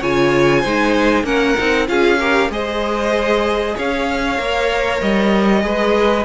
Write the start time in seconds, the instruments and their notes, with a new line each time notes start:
0.00 cello C#3, viola F4, violin C#5 G#5
0.61 cello G#3, viola D#4, violin C5
1.24 cello A#3, viola C#4, violin A#4 F#5
1.58 cello C4, viola D#4
1.88 cello C#4, viola F4, violin G#4 F5
2.19 viola G4, violin A#4
2.50 cello G#3, viola G#4, violin C5 D#5
3.76 cello C#4, violin C#5 F5
4.37 cello A#3, viola A#4
5.02 cello G3, violin D#5
5.62 cello G#3, viola G#4, violin B4